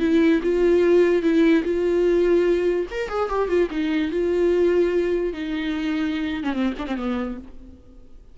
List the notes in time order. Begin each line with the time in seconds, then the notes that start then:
0.00 E4
0.43 F4
1.23 E4
1.64 F4
2.91 A#4
3.09 G#4
3.30 G4
3.49 F4
3.71 D#4
4.12 F4
5.34 D#4
6.44 C#4
6.53 C4
6.78 D4
6.87 C4
6.97 B3